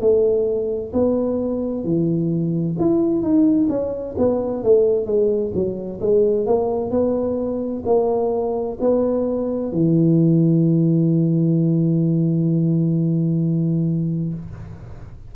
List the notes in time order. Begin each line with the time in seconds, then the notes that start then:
0.00 A3
0.93 B3
1.84 E3
2.79 E4
3.22 D#4
3.69 C#4
4.18 B3
4.64 A3
5.06 G#3
5.54 F#3
6.00 G#3
6.46 A#3
6.91 B3
7.85 A#3
8.80 B3
9.72 E3